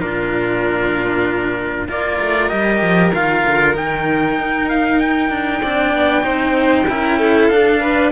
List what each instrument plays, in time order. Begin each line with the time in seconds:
0.00 cello A#2 D4, violin F4, trumpet A#4
1.88 cello A#3 F4, violin A#4, trumpet D5
2.21 cello A3
2.49 cello G3 G4, trumpet D#5
2.82 cello F3
3.14 cello D#3 F4, trumpet F5
3.46 cello D3
3.74 cello D#3 D#4, trumpet G5
4.39 cello D#4
4.70 trumpet F5
5.00 trumpet G5
5.30 cello D4
5.62 cello C4 D4, violin D5
5.94 cello B3
6.22 cello C4 D#4, violin C5
6.89 cello C#4 E4, violin A#4
7.19 violin A4
7.49 cello D4, trumpet F5
7.81 violin B4